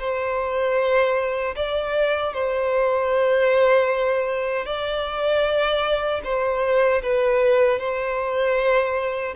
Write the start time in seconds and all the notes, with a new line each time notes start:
0.00 C5
1.56 D5
2.34 C5
4.66 D5
6.24 C5
7.03 B4
7.80 C5